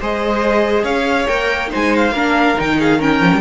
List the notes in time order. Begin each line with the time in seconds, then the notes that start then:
0.00 G#3 G#4 C5 D#5
0.84 C#4 C#5 F5
1.28 A#3 A#4 G5
1.68 D#4 C5
1.75 G#3 G#5
1.96 F5
2.11 A#3 D4 A#4
2.56 D#3 D#4 G5
2.79 G#4 F5
2.98 C#4 A#4 G5
3.21 F3
3.35 G3